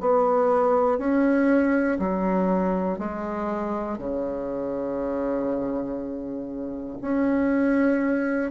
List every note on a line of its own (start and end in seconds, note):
0.00 0.98 B3
0.98 1.98 C#4
1.99 2.99 F#3
2.99 3.98 G#3
3.98 6.98 C#3
7.01 8.51 C#4